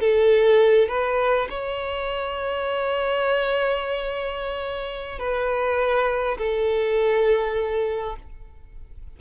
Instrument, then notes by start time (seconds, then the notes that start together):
violin
0.00 A4
0.89 B4
1.50 C#5
5.19 B4
6.38 A4